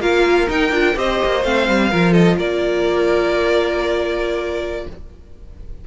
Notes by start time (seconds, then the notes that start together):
0.00 A#3 F4 A#4 F5
0.48 D#4 G5
0.71 D4 F4
0.95 C4 G4 C5 D#5
1.25 A#3
1.43 A3 C4 F5
1.68 G3
1.90 F3 F4 A#4
2.12 A4 D#5
2.37 A#3 A#4 D5